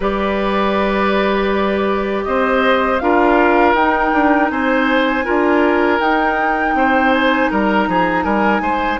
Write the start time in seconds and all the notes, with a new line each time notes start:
0.00 G3 G4 B4 D5
2.24 C4 C5 D#5
2.98 D4 F4 A#4 F5
3.73 D#4 G5
4.12 D4
4.50 C4 C5 G#5
5.23 D4 F4 A#4
5.99 D#4 G5
6.74 C4 C5
7.12 G#5
7.50 G3 A#4 A#5
7.87 F3 G#4
8.23 G3 A#4 G#5
8.60 G#3 C5